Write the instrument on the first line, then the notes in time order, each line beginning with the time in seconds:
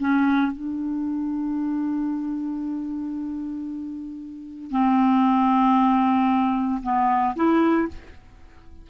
clarinet
0.00 C#4
0.52 D4
4.71 C4
6.83 B3
7.36 E4